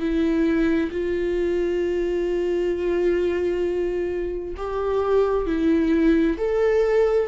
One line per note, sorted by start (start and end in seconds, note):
0.00 0.91 E4
0.91 4.55 F4
4.57 5.46 G4
5.46 6.37 E4
6.38 7.28 A4